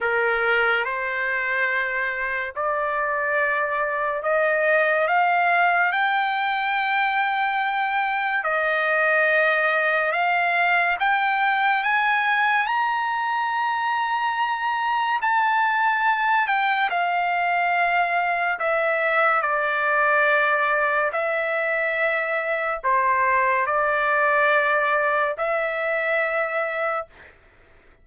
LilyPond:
\new Staff \with { instrumentName = "trumpet" } { \time 4/4 \tempo 4 = 71 ais'4 c''2 d''4~ | d''4 dis''4 f''4 g''4~ | g''2 dis''2 | f''4 g''4 gis''4 ais''4~ |
ais''2 a''4. g''8 | f''2 e''4 d''4~ | d''4 e''2 c''4 | d''2 e''2 | }